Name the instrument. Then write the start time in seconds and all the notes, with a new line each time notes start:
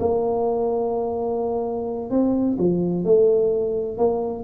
tuba
0.00 A#3
2.11 C4
2.59 F3
3.05 A3
3.98 A#3